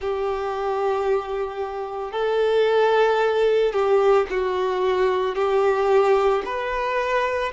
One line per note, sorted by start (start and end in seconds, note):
0.00 2.12 G4
2.12 3.73 A4
3.73 4.26 G4
4.30 5.35 F#4
5.35 6.42 G4
6.45 7.52 B4